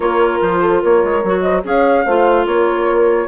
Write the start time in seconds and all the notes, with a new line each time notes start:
0.00 A#3 F4 A#4 C#5
0.41 F3 C5
0.61 A4
0.80 A#3 A#4 C#5
1.04 G#3
1.23 F#3 F#4
1.41 C5 D#5
1.63 C#4 G#4 C#5 F5
2.05 A3 F4 C5
2.46 A#3 A#4 C#5